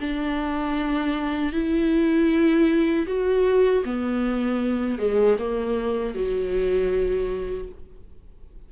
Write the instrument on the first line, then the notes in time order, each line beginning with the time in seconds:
viola
0.00 D4
1.52 E4
3.07 F#4
3.84 B3
4.98 G#3
5.38 A#3
6.14 F#3